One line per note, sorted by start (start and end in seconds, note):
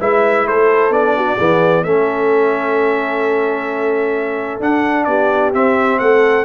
0.00 0.47 G#3
0.00 0.92 E4
0.00 0.46 B4
0.00 0.47 E5
0.47 0.90 A3
0.47 1.17 A4
0.47 0.93 C5
0.90 1.36 B3
0.90 1.38 D4
0.90 1.84 D5
1.17 1.37 F#4
1.37 1.85 E3
1.37 1.86 B3
1.37 1.83 G#4
1.84 4.60 A3
1.84 4.61 C#4
1.84 5.08 A4
1.84 4.61 E5
4.60 5.06 D4
4.60 5.53 D4
4.60 5.05 F#5
5.05 5.53 B3
5.05 6.00 G4
5.05 5.51 D5
5.53 5.99 C4
5.53 6.45 C4
5.53 5.99 E5
5.99 6.45 A3
5.99 6.45 A4
5.99 6.45 F#5